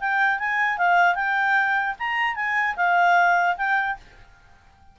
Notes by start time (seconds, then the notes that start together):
0.00 G5
0.39 G#5
0.78 F5
1.15 G5
1.99 A#5
2.36 G#5
2.76 F5
3.57 G5